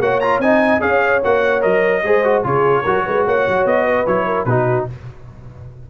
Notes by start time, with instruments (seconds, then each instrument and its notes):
0.00 tuba A#3, trombone F#4, horn C#5, trumpet F#5
0.20 trombone F4, trumpet A#5
0.39 tuba C4, trombone D#4, horn D#5, trumpet G#5
0.80 tuba C#4, trombone G#4, horn C#5, trumpet F5
1.24 tuba A#3, trombone F#4, trumpet F#5
1.61 tuba F#3, trombone A#4, trumpet D#5
2.04 tuba G#3, trombone G#4, horn C5
2.24 trombone F#4
2.44 tuba C#3, trombone F4, horn G#4, trumpet C#5
2.83 tuba F#3, trombone F#4, horn A#4
3.06 tuba G#3, horn B4
3.26 tuba A#3, horn C#5, trumpet F#5
3.48 tuba F#3
3.66 tuba B3, trumpet D#5
3.86 horn B4
4.07 tuba F#3, trombone E4, trumpet C#5
4.26 horn A#4
4.46 tuba B2, trombone D#4, horn F#4, trumpet B4